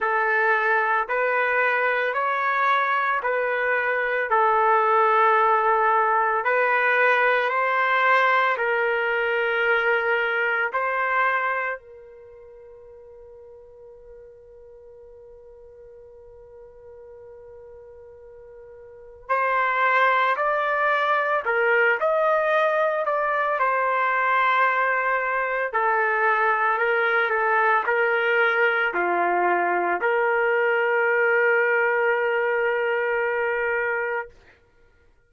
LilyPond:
\new Staff \with { instrumentName = "trumpet" } { \time 4/4 \tempo 4 = 56 a'4 b'4 cis''4 b'4 | a'2 b'4 c''4 | ais'2 c''4 ais'4~ | ais'1~ |
ais'2 c''4 d''4 | ais'8 dis''4 d''8 c''2 | a'4 ais'8 a'8 ais'4 f'4 | ais'1 | }